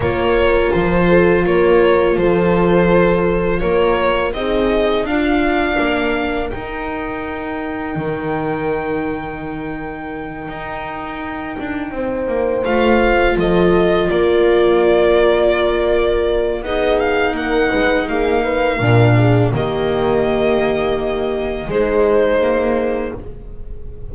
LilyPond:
<<
  \new Staff \with { instrumentName = "violin" } { \time 4/4 \tempo 4 = 83 cis''4 c''4 cis''4 c''4~ | c''4 cis''4 dis''4 f''4~ | f''4 g''2.~ | g''1~ |
g''4. f''4 dis''4 d''8~ | d''2. dis''8 f''8 | fis''4 f''2 dis''4~ | dis''2 c''2 | }
  \new Staff \with { instrumentName = "horn" } { \time 4/4 ais'4. a'8 ais'4 a'4~ | a'4 ais'4 gis'4 f'4 | ais'1~ | ais'1~ |
ais'8 c''2 a'4 ais'8~ | ais'2. gis'4 | ais'8 b'8 gis'8 b'8 ais'8 gis'8 g'4~ | g'2 dis'2 | }
  \new Staff \with { instrumentName = "viola" } { \time 4/4 f'1~ | f'2 dis'4 d'4~ | d'4 dis'2.~ | dis'1~ |
dis'4. f'2~ f'8~ | f'2. dis'4~ | dis'2 d'4 ais4~ | ais2 gis4 ais4 | }
  \new Staff \with { instrumentName = "double bass" } { \time 4/4 ais4 f4 ais4 f4~ | f4 ais4 c'4 d'4 | ais4 dis'2 dis4~ | dis2~ dis8 dis'4. |
d'8 c'8 ais8 a4 f4 ais8~ | ais2. b4 | ais8 gis8 ais4 ais,4 dis4~ | dis2 gis2 | }
>>